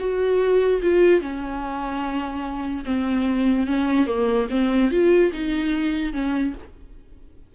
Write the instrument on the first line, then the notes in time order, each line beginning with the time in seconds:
viola
0.00 F#4
0.83 F4
1.21 C#4
2.86 C4
3.67 C#4
4.07 A#3
4.51 C4
4.92 F4
5.33 D#4
6.14 C#4